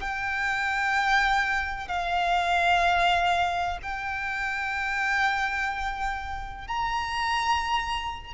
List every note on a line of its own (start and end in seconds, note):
0.00 1.88 G5
1.88 3.78 F5
3.82 6.68 G5
6.68 8.34 A#5